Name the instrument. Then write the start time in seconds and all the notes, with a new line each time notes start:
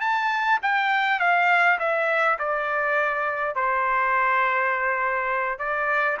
trumpet
0.00 A5
0.62 G5
1.19 F5
1.79 E5
2.39 D5
3.55 C5
5.58 D5